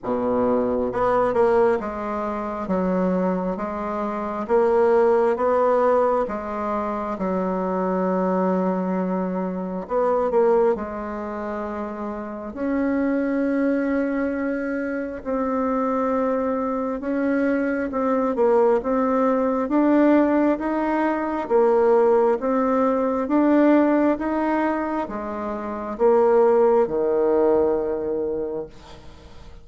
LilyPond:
\new Staff \with { instrumentName = "bassoon" } { \time 4/4 \tempo 4 = 67 b,4 b8 ais8 gis4 fis4 | gis4 ais4 b4 gis4 | fis2. b8 ais8 | gis2 cis'2~ |
cis'4 c'2 cis'4 | c'8 ais8 c'4 d'4 dis'4 | ais4 c'4 d'4 dis'4 | gis4 ais4 dis2 | }